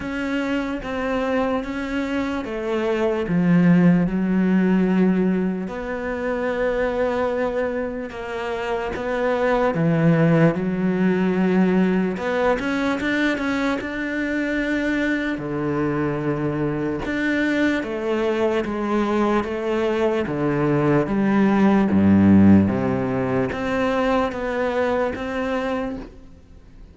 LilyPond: \new Staff \with { instrumentName = "cello" } { \time 4/4 \tempo 4 = 74 cis'4 c'4 cis'4 a4 | f4 fis2 b4~ | b2 ais4 b4 | e4 fis2 b8 cis'8 |
d'8 cis'8 d'2 d4~ | d4 d'4 a4 gis4 | a4 d4 g4 g,4 | c4 c'4 b4 c'4 | }